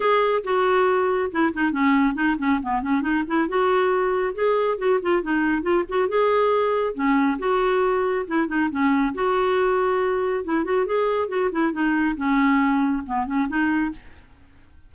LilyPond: \new Staff \with { instrumentName = "clarinet" } { \time 4/4 \tempo 4 = 138 gis'4 fis'2 e'8 dis'8 | cis'4 dis'8 cis'8 b8 cis'8 dis'8 e'8 | fis'2 gis'4 fis'8 f'8 | dis'4 f'8 fis'8 gis'2 |
cis'4 fis'2 e'8 dis'8 | cis'4 fis'2. | e'8 fis'8 gis'4 fis'8 e'8 dis'4 | cis'2 b8 cis'8 dis'4 | }